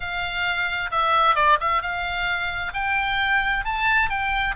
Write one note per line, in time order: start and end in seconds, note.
0.00 0.90 F5
0.91 1.35 E5
1.35 1.57 D5
1.60 1.81 E5
1.81 2.72 F5
2.73 3.64 G5
3.64 4.09 A5
4.09 4.55 G5